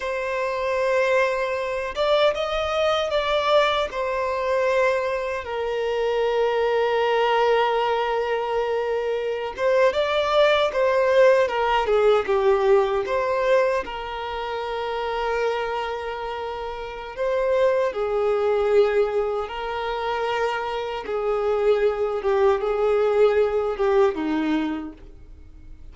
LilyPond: \new Staff \with { instrumentName = "violin" } { \time 4/4 \tempo 4 = 77 c''2~ c''8 d''8 dis''4 | d''4 c''2 ais'4~ | ais'1~ | ais'16 c''8 d''4 c''4 ais'8 gis'8 g'16~ |
g'8. c''4 ais'2~ ais'16~ | ais'2 c''4 gis'4~ | gis'4 ais'2 gis'4~ | gis'8 g'8 gis'4. g'8 dis'4 | }